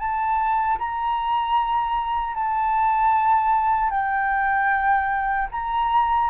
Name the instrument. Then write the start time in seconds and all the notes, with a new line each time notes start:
flute
0.00 A5
0.79 A#5
2.35 A5
3.91 G5
5.52 A#5